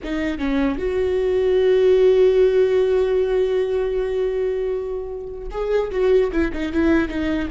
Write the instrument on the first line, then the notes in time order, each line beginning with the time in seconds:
viola
0.03 D#4
0.38 C#4
0.78 F#4
5.50 G#4
5.91 F#4
6.32 E4
6.52 D#4
6.72 E4
7.08 D#4